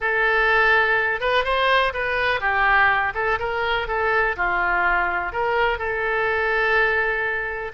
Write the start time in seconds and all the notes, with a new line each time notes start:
0.00 A4
1.20 B4
1.44 C5
1.93 B4
2.40 G4
3.14 A4
3.39 A#4
3.87 A4
4.36 F4
5.32 A#4
5.78 A4